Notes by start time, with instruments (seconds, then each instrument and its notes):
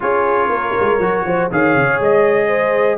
0.00 tuba C#4, trombone F4, horn G#4, trumpet C#5
0.48 tuba A#3, horn A#4
0.80 tuba G#3
0.99 tuba F#3, trombone F#4
1.24 tuba F3, horn C5
1.51 tuba D#3, trombone G#4, horn C#5, trumpet F5
1.75 tuba C#3
1.99 tuba G#3, trumpet D#5
2.47 horn C5